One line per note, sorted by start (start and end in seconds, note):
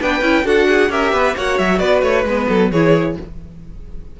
0.00 0.21 B3
0.00 0.22 D4
0.00 0.45 B4
0.00 0.46 G5
0.21 0.44 C#4
0.21 0.44 E4
0.44 0.89 D4
0.44 0.89 F#4
0.44 0.67 A4
0.44 0.91 F#5
0.68 0.91 G#4
0.89 1.12 C#4
0.89 1.35 G4
0.89 1.14 A#4
0.89 1.36 E5
1.12 1.35 B3
1.12 1.36 B4
1.35 1.59 A#3
1.35 2.26 F#4
1.35 1.79 C#5
1.35 1.58 F#5
1.58 1.79 F#3
1.58 1.79 E5
1.79 2.02 B3
1.79 2.47 B4
1.79 2.01 D5
2.02 2.24 A3
2.02 2.24 C#5
2.24 2.46 G#3
2.24 2.73 B3
2.24 2.71 B4
2.48 2.71 F#3
2.48 2.71 A4
2.71 3.16 E3
2.71 3.20 E4
2.71 3.16 G#4
2.71 3.16 C#5